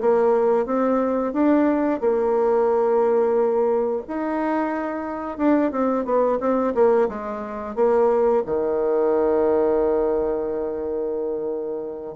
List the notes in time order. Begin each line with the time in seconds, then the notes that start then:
0.00 A#3
0.66 C4
1.33 D4
2.00 A#3
4.07 D#4
5.37 D4
5.71 C4
6.05 B3
6.40 C4
6.74 A#3
7.08 G#3
7.75 A#3
8.45 D#3